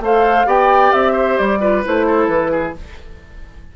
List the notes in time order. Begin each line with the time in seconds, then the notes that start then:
0.00 A3 A4 C5 F5
0.46 B3 G4 D5 G5
0.92 C4 E5
1.13 C5
1.38 G3 D5
1.60 F4 B4
1.85 A3 E4 C5
2.06 A4
2.27 E3 B4
2.51 G#4